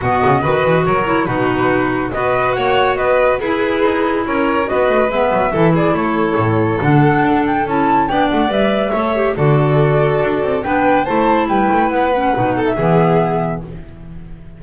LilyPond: <<
  \new Staff \with { instrumentName = "flute" } { \time 4/4 \tempo 4 = 141 dis''2 cis''4 b'4~ | b'4 dis''4 fis''4 dis''4 | b'2 cis''4 dis''4 | e''4. d''8 cis''2 |
fis''4. g''8 a''4 g''8 fis''8 | e''2 d''2~ | d''4 g''4 a''4 g''4 | fis''4.~ fis''16 e''2~ e''16 | }
  \new Staff \with { instrumentName = "violin" } { \time 4/4 fis'4 b'4 ais'4 fis'4~ | fis'4 b'4 cis''4 b'4 | gis'2 ais'4 b'4~ | b'4 a'8 gis'8 a'2~ |
a'2. d''4~ | d''4 cis''4 a'2~ | a'4 b'4 c''4 b'4~ | b'4. a'8 gis'2 | }
  \new Staff \with { instrumentName = "clarinet" } { \time 4/4 b4 fis'4. e'8 dis'4~ | dis'4 fis'2. | e'2. fis'4 | b4 e'2. |
d'2 e'4 d'4 | b'4 a'8 g'8 fis'2~ | fis'4 d'4 e'2~ | e'8 cis'8 dis'4 b2 | }
  \new Staff \with { instrumentName = "double bass" } { \time 4/4 b,8 cis8 dis8 e8 fis4 b,4~ | b,4 b4 ais4 b4 | e'4 dis'4 cis'4 b8 a8 | gis8 fis8 e4 a4 a,4 |
d4 d'4 cis'4 b8 a8 | g4 a4 d2 | d'8 c'8 b4 a4 g8 a8 | b4 b,4 e2 | }
>>